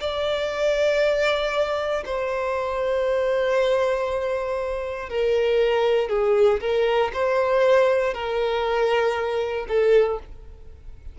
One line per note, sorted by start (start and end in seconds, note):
0.00 2.03 D5
2.05 5.09 C5
5.09 6.09 A#4
6.09 6.60 G#4
6.61 7.11 A#4
7.13 8.14 C5
8.14 9.66 A#4
9.68 10.19 A4